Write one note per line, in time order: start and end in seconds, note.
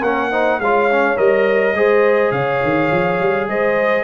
0.00 0.59 A#3
0.00 0.31 C#4
0.00 0.29 A#4
0.00 0.60 F#5
0.30 0.60 D#4
0.30 0.59 C5
0.59 1.16 G#3
0.59 0.90 F4
0.59 1.76 C#5
0.59 1.17 F5
0.90 1.16 C#4
1.16 1.73 G3
1.16 1.74 A#4
1.16 2.31 D#5
1.73 2.31 G#3
1.73 4.04 G#4
1.73 2.32 C5
2.31 2.60 C#3
2.31 3.47 C#5
2.31 3.47 F5
2.63 2.91 D#3
2.91 3.20 F3
3.20 3.47 G3
3.47 4.04 G#3
3.47 4.04 C5
3.47 4.04 D#5